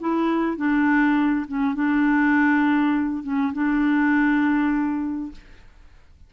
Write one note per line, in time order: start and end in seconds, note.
0.00 0.57 E4
0.57 1.46 D4
1.47 1.75 C#4
1.75 3.23 D4
3.23 3.53 C#4
3.53 5.31 D4